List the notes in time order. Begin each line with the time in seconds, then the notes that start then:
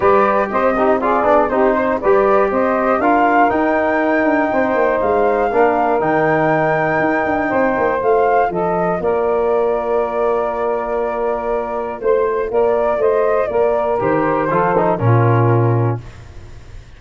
0.00 G3 G4 B4 D5
0.50 C4 C5 D#5
0.74 D#4 G4
1.01 F4 G#4 D5
1.23 B3 D4
1.49 C4 D#4 G4 C5
1.74 C5
2.00 G3 G4 B4 D5
2.50 C4 C5 D#5
2.99 D4 F4 A#4 F5
3.49 D#4 G5
4.24 D4
4.51 C4 C5
4.73 A#3
5.00 G#3 F5
5.51 A#3 D4 A#4
6.00 D#3 D#4 G5
6.99 D#4
7.25 D4
7.48 C4 C5
7.77 A#3
7.98 A3 F4 F5
8.49 F3 A4 D#5
9.00 A#3 A#4 D5
12.00 A3 C5
12.49 A#3 A#4 D5
12.96 A3 C5 D#5
13.47 A#3 A#4 D5
13.98 D#3 G4 C5
14.49 F3 F4 A4
14.77 D#4
14.97 A#2 C#4 F4 A#4